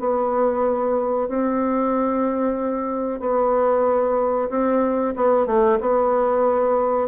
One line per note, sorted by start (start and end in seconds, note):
0.00 1.28 B3
1.28 3.20 C4
3.20 4.49 B3
4.50 5.15 C4
5.16 5.47 B3
5.47 5.79 A3
5.81 7.09 B3